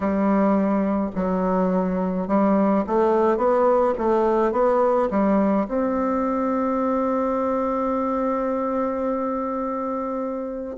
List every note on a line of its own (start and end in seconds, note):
0.00 1.10 G3
1.15 2.27 F#3
2.27 2.84 G3
2.87 3.37 A3
3.37 3.93 B3
3.97 4.52 A3
4.52 5.08 B3
5.10 5.67 G3
5.68 10.77 C4